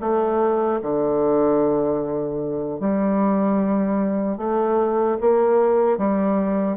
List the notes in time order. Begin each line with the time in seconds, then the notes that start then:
0.00 A3
0.82 D3
2.80 G3
4.37 A3
5.21 A#3
5.98 G3